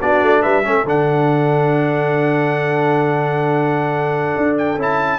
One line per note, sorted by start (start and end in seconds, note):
0.00 0.22 B3
0.00 0.64 D4
0.00 0.42 F#4
0.00 0.42 D5
0.22 0.44 A3
0.42 0.65 G3
0.42 0.64 B4
0.42 0.85 E5
0.64 0.84 A3
0.64 0.85 C#4
0.64 5.18 A4
0.84 4.32 D3
0.84 4.78 D4
0.84 4.58 F#5
4.36 4.77 D4
4.58 4.79 G5
4.77 5.18 C#4
4.77 5.18 E4
4.77 5.18 A5